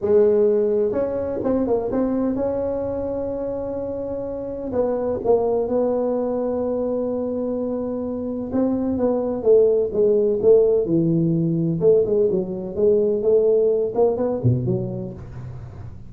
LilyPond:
\new Staff \with { instrumentName = "tuba" } { \time 4/4 \tempo 4 = 127 gis2 cis'4 c'8 ais8 | c'4 cis'2.~ | cis'2 b4 ais4 | b1~ |
b2 c'4 b4 | a4 gis4 a4 e4~ | e4 a8 gis8 fis4 gis4 | a4. ais8 b8 b,8 fis4 | }